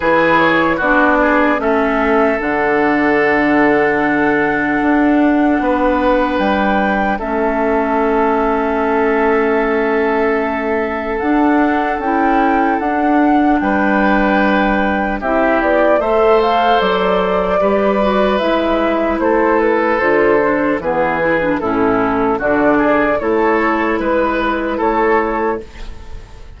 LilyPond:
<<
  \new Staff \with { instrumentName = "flute" } { \time 4/4 \tempo 4 = 75 b'8 cis''8 d''4 e''4 fis''4~ | fis''1 | g''4 e''2.~ | e''2 fis''4 g''4 |
fis''4 g''2 e''8 d''8 | e''8 f''8 d''2 e''4 | c''8 b'8 c''4 b'4 a'4 | d''4 cis''4 b'4 cis''4 | }
  \new Staff \with { instrumentName = "oboe" } { \time 4/4 gis'4 fis'8 gis'8 a'2~ | a'2. b'4~ | b'4 a'2.~ | a'1~ |
a'4 b'2 g'4 | c''2 b'2 | a'2 gis'4 e'4 | fis'8 gis'8 a'4 b'4 a'4 | }
  \new Staff \with { instrumentName = "clarinet" } { \time 4/4 e'4 d'4 cis'4 d'4~ | d'1~ | d'4 cis'2.~ | cis'2 d'4 e'4 |
d'2. e'4 | a'2 g'8 fis'8 e'4~ | e'4 f'8 d'8 b8 e'16 d'16 cis'4 | d'4 e'2. | }
  \new Staff \with { instrumentName = "bassoon" } { \time 4/4 e4 b4 a4 d4~ | d2 d'4 b4 | g4 a2.~ | a2 d'4 cis'4 |
d'4 g2 c'8 b8 | a4 fis4 g4 gis4 | a4 d4 e4 a,4 | d4 a4 gis4 a4 | }
>>